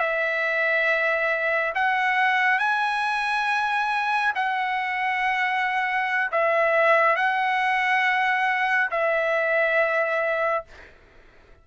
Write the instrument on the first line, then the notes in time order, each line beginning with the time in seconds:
trumpet
0.00 E5
1.75 F#5
2.59 G#5
4.35 F#5
6.32 E5
7.16 F#5
8.91 E5